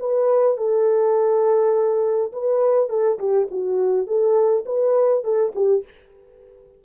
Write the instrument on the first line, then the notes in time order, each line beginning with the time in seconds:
horn
0.00 B4
0.58 A4
2.33 B4
2.90 A4
3.19 G4
3.51 F#4
4.07 A4
4.66 B4
5.24 A4
5.56 G4